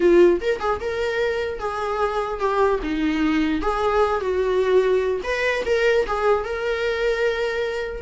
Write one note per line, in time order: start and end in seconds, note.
0.00 0.40 F4
0.40 0.59 A#4
0.59 0.80 G#4
0.80 1.59 A#4
1.59 2.39 G#4
2.39 2.79 G4
2.82 3.61 D#4
3.61 4.20 G#4
4.20 5.21 F#4
5.23 5.64 B4
5.65 6.05 A#4
6.06 6.44 G#4
6.44 8.02 A#4